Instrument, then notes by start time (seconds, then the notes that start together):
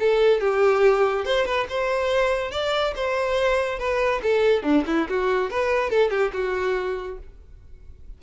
violin
0.00 A4
0.41 G4
1.26 C5
1.46 B4
1.70 C5
2.52 D5
2.96 C5
3.79 B4
4.23 A4
4.63 D4
4.87 E4
5.10 F#4
5.51 B4
5.91 A4
6.11 G4
6.33 F#4